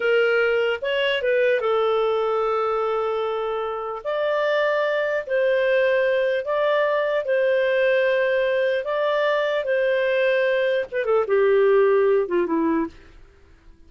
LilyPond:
\new Staff \with { instrumentName = "clarinet" } { \time 4/4 \tempo 4 = 149 ais'2 cis''4 b'4 | a'1~ | a'2 d''2~ | d''4 c''2. |
d''2 c''2~ | c''2 d''2 | c''2. b'8 a'8 | g'2~ g'8 f'8 e'4 | }